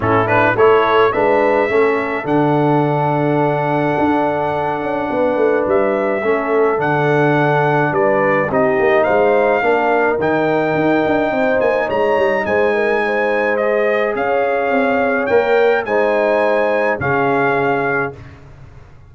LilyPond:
<<
  \new Staff \with { instrumentName = "trumpet" } { \time 4/4 \tempo 4 = 106 a'8 b'8 cis''4 e''2 | fis''1~ | fis''2 e''2 | fis''2 d''4 dis''4 |
f''2 g''2~ | g''8 gis''8 ais''4 gis''2 | dis''4 f''2 g''4 | gis''2 f''2 | }
  \new Staff \with { instrumentName = "horn" } { \time 4/4 e'4 a'4 b'4 a'4~ | a'1~ | a'4 b'2 a'4~ | a'2 b'4 g'4 |
c''4 ais'2. | c''4 cis''4 c''8 ais'8 c''4~ | c''4 cis''2. | c''2 gis'2 | }
  \new Staff \with { instrumentName = "trombone" } { \time 4/4 cis'8 d'8 e'4 d'4 cis'4 | d'1~ | d'2. cis'4 | d'2. dis'4~ |
dis'4 d'4 dis'2~ | dis'1 | gis'2. ais'4 | dis'2 cis'2 | }
  \new Staff \with { instrumentName = "tuba" } { \time 4/4 a,4 a4 gis4 a4 | d2. d'4~ | d'8 cis'8 b8 a8 g4 a4 | d2 g4 c'8 ais8 |
gis4 ais4 dis4 dis'8 d'8 | c'8 ais8 gis8 g8 gis2~ | gis4 cis'4 c'4 ais4 | gis2 cis2 | }
>>